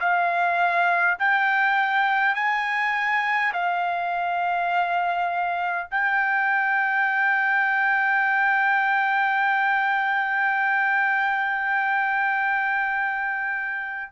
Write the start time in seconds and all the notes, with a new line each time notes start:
0.00 F5
1.19 G5
2.35 G#5
3.53 F5
5.90 G5